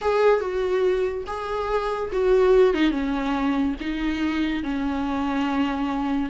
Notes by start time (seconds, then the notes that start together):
0.01 G#4
0.40 F#4
1.26 G#4
2.12 F#4
2.74 D#4
2.90 C#4
3.80 D#4
4.63 C#4